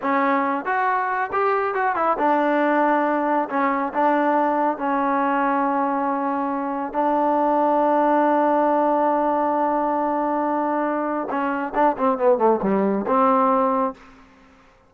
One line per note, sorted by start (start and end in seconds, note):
0.02 0.65 C#4
0.65 1.30 F#4
1.32 1.74 G4
1.74 1.95 F#4
1.95 2.17 E4
2.18 3.48 D4
3.49 3.92 C#4
3.93 4.77 D4
4.77 6.93 C#4
6.93 11.28 D4
11.29 11.73 C#4
11.74 11.96 D4
11.97 12.18 C4
12.18 12.38 B3
12.38 12.59 A3
12.62 13.05 G3
13.07 13.94 C4